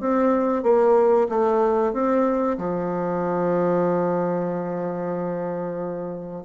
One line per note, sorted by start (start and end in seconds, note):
0.00 0.63 C4
0.63 1.28 A#3
1.29 1.93 A3
1.93 2.57 C4
2.58 6.45 F3